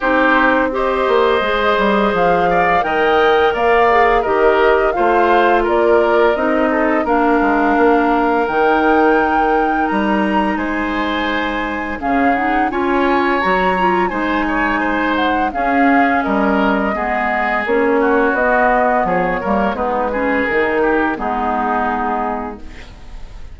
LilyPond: <<
  \new Staff \with { instrumentName = "flute" } { \time 4/4 \tempo 4 = 85 c''4 dis''2 f''4 | g''4 f''4 dis''4 f''4 | d''4 dis''4 f''2 | g''2 ais''4 gis''4~ |
gis''4 f''8 fis''8 gis''4 ais''4 | gis''4. fis''8 f''4 dis''4~ | dis''4 cis''4 dis''4 cis''4 | b'4 ais'4 gis'2 | }
  \new Staff \with { instrumentName = "oboe" } { \time 4/4 g'4 c''2~ c''8 d''8 | dis''4 d''4 ais'4 c''4 | ais'4. a'8 ais'2~ | ais'2. c''4~ |
c''4 gis'4 cis''2 | c''8 cis''8 c''4 gis'4 ais'4 | gis'4. fis'4. gis'8 ais'8 | dis'8 gis'4 g'8 dis'2 | }
  \new Staff \with { instrumentName = "clarinet" } { \time 4/4 dis'4 g'4 gis'2 | ais'4. gis'8 g'4 f'4~ | f'4 dis'4 d'2 | dis'1~ |
dis'4 cis'8 dis'8 f'4 fis'8 f'8 | dis'2 cis'2 | b4 cis'4 b4. ais8 | b8 cis'8 dis'4 b2 | }
  \new Staff \with { instrumentName = "bassoon" } { \time 4/4 c'4. ais8 gis8 g8 f4 | dis4 ais4 dis4 a4 | ais4 c'4 ais8 gis8 ais4 | dis2 g4 gis4~ |
gis4 cis4 cis'4 fis4 | gis2 cis'4 g4 | gis4 ais4 b4 f8 g8 | gis4 dis4 gis2 | }
>>